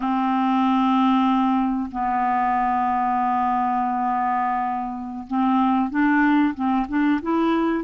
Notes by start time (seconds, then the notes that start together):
0.00 C4
1.91 B3
5.27 C4
5.90 D4
6.54 C4
6.88 D4
7.21 E4